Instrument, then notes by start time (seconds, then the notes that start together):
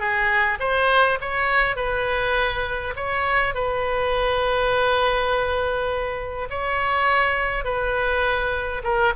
oboe
0.00 G#4
0.60 C5
1.21 C#5
1.76 B4
2.96 C#5
3.55 B4
6.50 C#5
7.65 B4
8.84 A#4